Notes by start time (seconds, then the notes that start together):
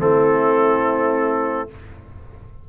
0.00 A3 C4 E4 A4